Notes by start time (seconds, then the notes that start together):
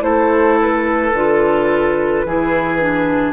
0.00 A3 E4 A4 C5
0.61 B4
1.13 D3 F4
2.25 E3 E4 G#4
2.80 D4